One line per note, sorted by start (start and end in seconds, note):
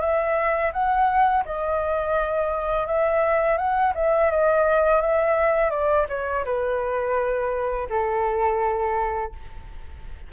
0.00 0.71 E5
0.72 1.44 F#5
1.45 2.87 D#5
2.87 3.57 E5
3.57 3.93 F#5
3.95 4.31 E5
4.31 5.01 D#5
5.01 5.70 E5
5.70 6.06 D5
6.08 6.44 C#5
6.44 7.87 B4
7.89 9.32 A4